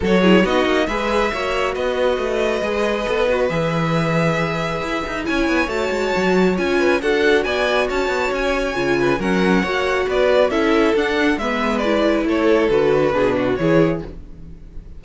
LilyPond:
<<
  \new Staff \with { instrumentName = "violin" } { \time 4/4 \tempo 4 = 137 cis''4 dis''4 e''2 | dis''1 | e''1 | gis''4 a''2 gis''4 |
fis''4 gis''4 a''4 gis''4~ | gis''4 fis''2 d''4 | e''4 fis''4 e''4 d''4 | cis''4 b'2 cis''4 | }
  \new Staff \with { instrumentName = "violin" } { \time 4/4 a'8 gis'8 fis'4 b'4 cis''4 | b'1~ | b'1 | cis''2.~ cis''8 b'8 |
a'4 d''4 cis''2~ | cis''8 b'8 ais'4 cis''4 b'4 | a'2 b'2 | a'2 gis'8 fis'8 gis'4 | }
  \new Staff \with { instrumentName = "viola" } { \time 4/4 fis'8 e'8 dis'4 gis'4 fis'4~ | fis'2 gis'4 a'8 fis'8 | gis'1 | e'4 fis'2 f'4 |
fis'1 | f'4 cis'4 fis'2 | e'4 d'4 b4 e'4~ | e'4 fis'4 d'4 e'4 | }
  \new Staff \with { instrumentName = "cello" } { \time 4/4 fis4 b8 ais8 gis4 ais4 | b4 a4 gis4 b4 | e2. e'8 dis'8 | cis'8 b8 a8 gis8 fis4 cis'4 |
d'4 b4 cis'8 b8 cis'4 | cis4 fis4 ais4 b4 | cis'4 d'4 gis2 | a4 d4 b,4 e4 | }
>>